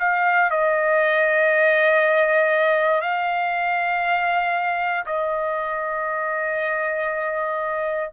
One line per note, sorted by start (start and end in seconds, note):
0.00 0.51 F5
0.51 3.01 D#5
3.01 5.05 F5
5.06 8.11 D#5